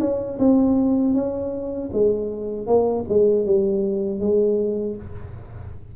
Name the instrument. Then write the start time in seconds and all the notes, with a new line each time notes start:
tuba
0.00 C#4
0.39 C4
1.14 C#4
1.93 G#3
2.67 A#3
3.09 G#3
3.45 G3
4.20 G#3